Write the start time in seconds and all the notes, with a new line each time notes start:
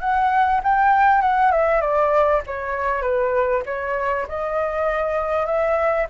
0.00 F#5
0.63 G5
1.21 F#5
1.52 E5
1.81 D5
2.47 C#5
3.02 B4
3.66 C#5
4.28 D#5
5.46 E5